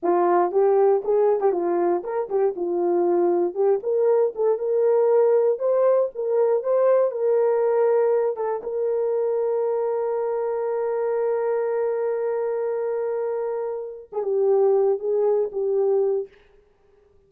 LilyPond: \new Staff \with { instrumentName = "horn" } { \time 4/4 \tempo 4 = 118 f'4 g'4 gis'8. g'16 f'4 | ais'8 g'8 f'2 g'8 ais'8~ | ais'8 a'8 ais'2 c''4 | ais'4 c''4 ais'2~ |
ais'8 a'8 ais'2.~ | ais'1~ | ais'2.~ ais'8. gis'16 | g'4. gis'4 g'4. | }